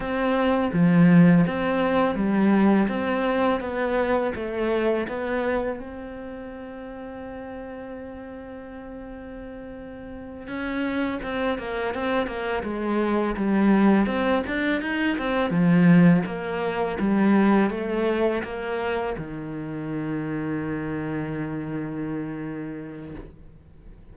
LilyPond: \new Staff \with { instrumentName = "cello" } { \time 4/4 \tempo 4 = 83 c'4 f4 c'4 g4 | c'4 b4 a4 b4 | c'1~ | c'2~ c'8 cis'4 c'8 |
ais8 c'8 ais8 gis4 g4 c'8 | d'8 dis'8 c'8 f4 ais4 g8~ | g8 a4 ais4 dis4.~ | dis1 | }